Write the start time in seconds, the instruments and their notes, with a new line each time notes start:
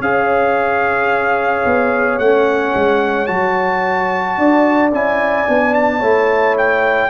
0.00 tuba C#4, trombone G#4, horn C#5, trumpet F5
1.65 tuba B3
2.19 tuba A3, trombone C#4, trumpet F#5
2.75 tuba G#3
3.26 tuba F#3, trombone F#4, trumpet A5
4.37 tuba D4, horn D5
4.92 tuba C#4, trombone E4, trumpet G#5
5.46 tuba B3, trombone D4
5.74 trumpet A5
6.00 tuba A3, trombone E4, horn C#5
6.57 trumpet G5